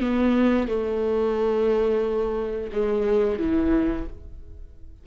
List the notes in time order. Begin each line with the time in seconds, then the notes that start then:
0.00 B3
0.68 A3
2.72 G#3
3.39 E3